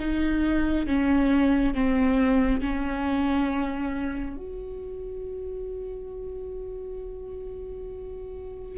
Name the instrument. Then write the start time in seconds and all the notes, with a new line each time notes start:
viola
0.00 D#4
0.87 C#4
1.75 C4
2.61 C#4
4.37 F#4